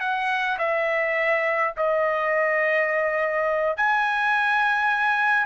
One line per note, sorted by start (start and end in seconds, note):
0.00 0.58 F#5
0.58 1.74 E5
1.77 3.77 D#5
3.77 5.46 G#5